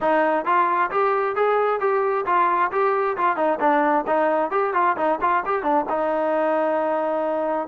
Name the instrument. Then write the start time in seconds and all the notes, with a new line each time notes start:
trombone
0.01 D#4
0.45 F4
0.90 G4
1.35 G#4
1.80 G4
2.26 F4
2.71 G4
3.17 F4
3.36 D#4
3.60 D4
4.06 D#4
4.51 G4
4.73 F4
4.96 D#4
5.21 F4
5.45 G4
5.62 D4
5.89 D#4